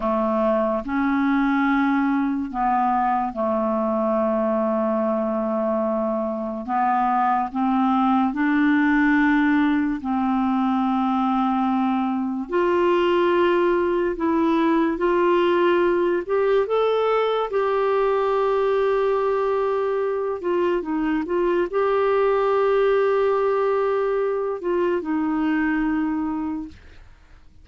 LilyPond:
\new Staff \with { instrumentName = "clarinet" } { \time 4/4 \tempo 4 = 72 a4 cis'2 b4 | a1 | b4 c'4 d'2 | c'2. f'4~ |
f'4 e'4 f'4. g'8 | a'4 g'2.~ | g'8 f'8 dis'8 f'8 g'2~ | g'4. f'8 dis'2 | }